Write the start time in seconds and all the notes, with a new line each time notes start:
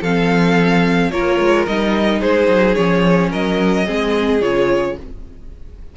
0.00 F3 C4 A4 F5
1.10 A#3 F4 A#4 C#5
1.39 G#3
1.66 G3 D#4 D#5
2.19 G#3 G#4 C5
2.47 F#3
2.74 F3 C#4 C#5
3.31 F#3 A#4 D#5
3.85 G#3 C4 G#4
4.40 C#3 F4 C#5